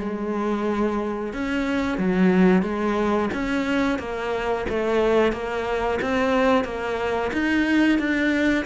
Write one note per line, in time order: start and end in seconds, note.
0.00 1.33 G#3
1.34 1.98 C#4
1.98 2.63 F#3
2.63 3.29 G#3
3.34 3.99 C#4
3.99 4.66 A#3
4.70 5.33 A3
5.33 5.99 A#3
6.02 6.65 C4
6.65 7.32 A#3
7.33 7.99 D#4
7.99 8.66 D4